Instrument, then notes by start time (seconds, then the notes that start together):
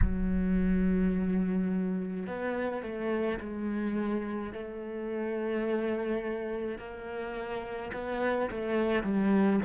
cello
0.01 F#3
2.26 B3
2.82 A3
3.40 G#3
4.52 A3
6.78 A#3
7.93 B3
8.51 A3
9.03 G3